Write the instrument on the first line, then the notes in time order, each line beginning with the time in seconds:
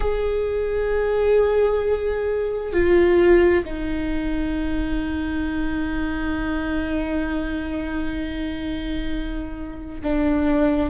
viola
0.00 G#4
2.73 F4
3.64 D#4
10.02 D4